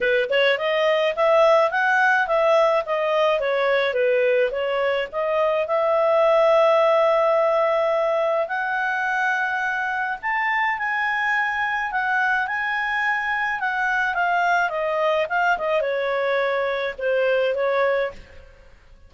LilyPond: \new Staff \with { instrumentName = "clarinet" } { \time 4/4 \tempo 4 = 106 b'8 cis''8 dis''4 e''4 fis''4 | e''4 dis''4 cis''4 b'4 | cis''4 dis''4 e''2~ | e''2. fis''4~ |
fis''2 a''4 gis''4~ | gis''4 fis''4 gis''2 | fis''4 f''4 dis''4 f''8 dis''8 | cis''2 c''4 cis''4 | }